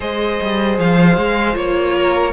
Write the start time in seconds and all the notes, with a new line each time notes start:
0.00 G#3 G#4 C5 D#5
0.41 G3
0.78 F3 F5
1.17 G#3
1.52 A#3 F4 C#5
1.95 A#4